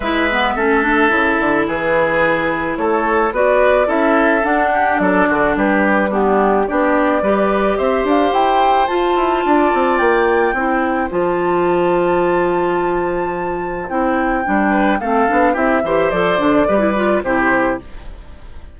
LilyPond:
<<
  \new Staff \with { instrumentName = "flute" } { \time 4/4 \tempo 4 = 108 e''2. b'4~ | b'4 cis''4 d''4 e''4 | fis''4 d''4 b'4 g'4 | d''2 e''8 f''8 g''4 |
a''2 g''2 | a''1~ | a''4 g''2 f''4 | e''4 d''2 c''4 | }
  \new Staff \with { instrumentName = "oboe" } { \time 4/4 b'4 a'2 gis'4~ | gis'4 a'4 b'4 a'4~ | a'8 g'8 a'8 fis'8 g'4 d'4 | g'4 b'4 c''2~ |
c''4 d''2 c''4~ | c''1~ | c''2~ c''8 b'8 a'4 | g'8 c''4. b'4 g'4 | }
  \new Staff \with { instrumentName = "clarinet" } { \time 4/4 e'8 b8 cis'8 d'8 e'2~ | e'2 fis'4 e'4 | d'2. b4 | d'4 g'2. |
f'2. e'4 | f'1~ | f'4 e'4 d'4 c'8 d'8 | e'8 g'8 a'8 d'8 g'16 e'16 f'8 e'4 | }
  \new Staff \with { instrumentName = "bassoon" } { \time 4/4 gis4 a4 cis8 d8 e4~ | e4 a4 b4 cis'4 | d'4 fis8 d8 g2 | b4 g4 c'8 d'8 e'4 |
f'8 e'8 d'8 c'8 ais4 c'4 | f1~ | f4 c'4 g4 a8 b8 | c'8 e8 f8 d8 g4 c4 | }
>>